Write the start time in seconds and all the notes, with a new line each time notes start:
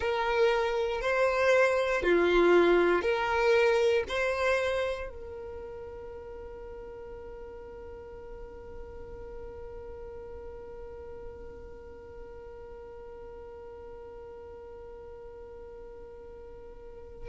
0.00 A#4
1.01 C5
2.02 F4
3.01 A#4
4.08 C5
5.09 A#4